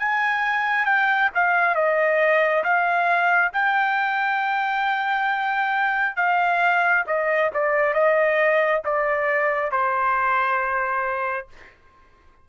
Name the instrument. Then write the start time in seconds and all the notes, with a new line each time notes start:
trumpet
0.00 G#5
0.86 G5
1.35 F5
1.76 D#5
2.64 F5
3.53 G5
6.17 F5
7.07 D#5
7.54 D5
7.95 D#5
8.85 D5
9.72 C5